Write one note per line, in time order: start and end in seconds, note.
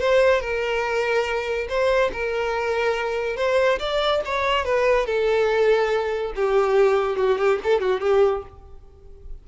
0.00 0.41 C5
0.41 1.68 A#4
1.69 2.11 C5
2.13 3.36 A#4
3.36 3.79 C5
3.79 4.21 D5
4.25 4.65 C#5
4.65 5.06 B4
5.06 6.33 A4
6.36 7.17 G4
7.17 7.38 F#4
7.38 7.59 G4
7.64 7.80 A4
7.80 8.01 F#4
8.01 8.43 G4